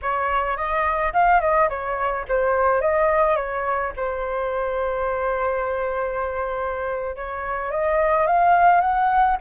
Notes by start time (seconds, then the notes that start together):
0.02 C#5
0.56 D#5
1.13 F5
1.40 D#5
1.69 C#5
2.28 C5
2.81 D#5
3.36 C#5
3.96 C5
7.16 C#5
7.71 D#5
8.26 F5
8.80 F#5